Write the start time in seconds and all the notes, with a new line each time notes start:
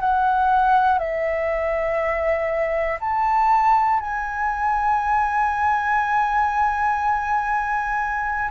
0.00 F#5
0.99 E5
3.00 A5
4.00 G#5